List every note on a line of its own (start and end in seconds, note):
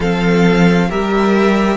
0.00 0.90 F3
0.00 0.88 C4
0.00 0.88 A4
0.00 0.90 F5
0.88 1.77 G3
0.88 1.77 G4
0.88 1.77 A#4
0.88 1.77 E5